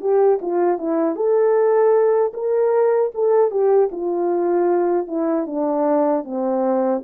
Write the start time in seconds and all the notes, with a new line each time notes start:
0.00 G4
0.41 F4
0.78 E4
1.15 A4
2.33 A#4
3.14 A4
3.50 G4
3.91 F4
5.07 E4
5.46 D4
6.24 C4